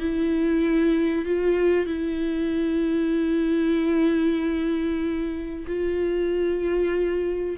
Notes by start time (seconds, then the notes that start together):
0.00 E4
1.26 F4
1.87 E4
5.67 F4